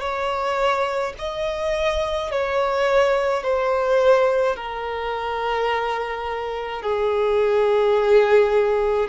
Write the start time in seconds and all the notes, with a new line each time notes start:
0.00 C#5
1.18 D#5
2.31 C#5
3.43 C5
4.56 A#4
6.82 G#4